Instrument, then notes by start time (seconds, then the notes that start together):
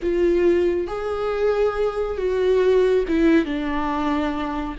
viola
0.02 F4
0.87 G#4
2.17 F#4
3.08 E4
3.45 D4